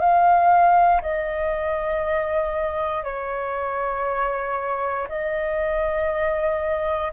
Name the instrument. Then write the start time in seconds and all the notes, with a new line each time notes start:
flute
0.00 F5
1.02 D#5
3.04 C#5
5.09 D#5